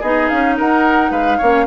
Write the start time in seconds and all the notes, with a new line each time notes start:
0.00 B3 D#4 G#4 D#5
0.29 C#4 F5
0.57 D#4 A#4 F#5
1.11 G#3 B4 F5
1.38 A#3 C#4 C#5